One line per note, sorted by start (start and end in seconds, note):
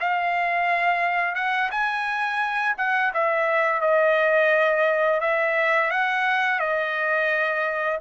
0.00 1.35 F5
1.35 1.70 F#5
1.71 2.75 G#5
2.77 3.12 F#5
3.14 3.81 E5
3.81 5.20 D#5
5.20 5.90 E5
5.90 6.59 F#5
6.59 7.99 D#5